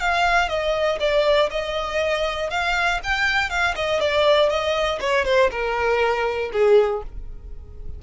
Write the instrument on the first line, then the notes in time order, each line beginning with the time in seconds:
violin
0.00 F5
0.48 D#5
1.00 D5
1.50 D#5
2.50 F5
3.03 G5
3.49 F5
3.75 D#5
4.00 D5
4.49 D#5
5.00 C#5
5.25 C5
5.51 A#4
6.52 G#4